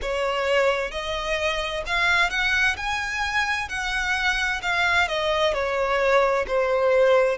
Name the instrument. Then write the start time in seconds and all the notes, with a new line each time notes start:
violin
0.01 C#5
0.91 D#5
1.86 F5
2.30 F#5
2.77 G#5
3.68 F#5
4.62 F5
5.08 D#5
5.53 C#5
6.47 C5